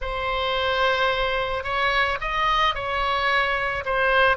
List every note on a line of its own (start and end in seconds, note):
0.01 1.63 C5
1.63 2.18 C#5
2.20 2.74 D#5
2.74 3.84 C#5
3.85 4.36 C5